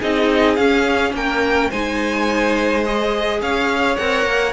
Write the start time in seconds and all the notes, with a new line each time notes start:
0.00 C4 D#4 G#4 D#5
0.56 C#4 F5
1.14 A#3 A#4 G5
1.70 G#3 D#4 C5 G#5
2.84 G#4 D#5
3.42 C#4 C#5 F5
3.97 C4 A#4 F#5
4.25 A#3